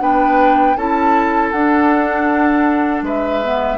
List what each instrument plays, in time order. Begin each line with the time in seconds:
0.00 bassoon B3, clarinet D4, oboe B4, flute G5
0.76 bassoon C#4, clarinet E4, oboe A4, flute A5
1.51 bassoon D4, clarinet D4, flute F#5
3.02 bassoon G#3, oboe B4, flute E5
3.43 clarinet B3